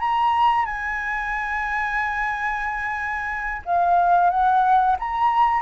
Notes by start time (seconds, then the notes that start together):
0.00 A#5
0.66 G#5
3.66 F5
4.30 F#5
4.99 A#5